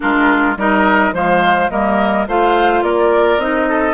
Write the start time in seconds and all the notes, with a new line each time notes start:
0.00 G#3 D4 F4 A#4
0.56 G3 D#4 A#4 D#5
1.11 F3 G#3 C5 F5
1.69 G3 A#3 A#4 D#5
2.27 A3 F4 C5 F5
2.82 A#3 A#4 D5
3.37 C4 D#4 D#5
3.68 A4